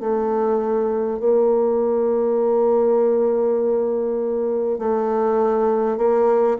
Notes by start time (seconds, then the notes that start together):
0.00 A3
1.19 A#3
4.78 A3
5.97 A#3